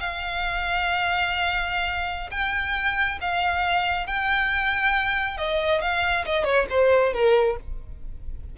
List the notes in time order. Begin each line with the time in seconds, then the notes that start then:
0.00 F5
2.31 G5
3.21 F5
4.07 G5
5.37 D#5
5.81 F5
6.25 D#5
6.44 C#5
6.70 C5
7.13 A#4